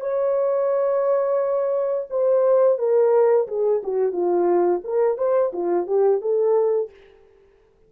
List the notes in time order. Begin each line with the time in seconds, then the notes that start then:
0.00 C#5
2.10 C5
2.78 A#4
3.47 G#4
3.83 F#4
4.12 F4
4.84 A#4
5.17 C5
5.53 F4
5.87 G4
6.21 A4